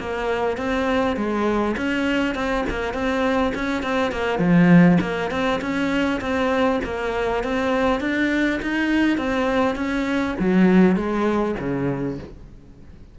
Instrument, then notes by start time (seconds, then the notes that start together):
cello
0.00 A#3
0.58 C4
1.17 G#3
1.77 C#4
2.35 C4
2.70 A#3
2.94 C4
3.55 C#4
3.83 C4
4.12 A#3
4.39 F3
5.01 A#3
5.31 C4
5.62 C#4
6.22 C4
6.85 A#3
7.44 C4
8.01 D4
8.62 D#4
9.18 C4
9.76 C#4
10.40 F#3
10.97 G#3
11.59 C#3